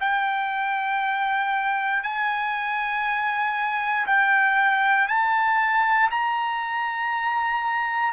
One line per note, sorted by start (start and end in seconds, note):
0.00 2.03 G5
2.03 4.06 G#5
4.06 5.08 G5
5.08 6.10 A5
6.10 8.13 A#5